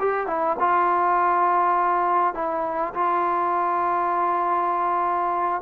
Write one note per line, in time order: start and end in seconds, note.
0.00 0.27 G4
0.27 0.57 E4
0.60 2.34 F4
2.34 2.94 E4
2.94 5.62 F4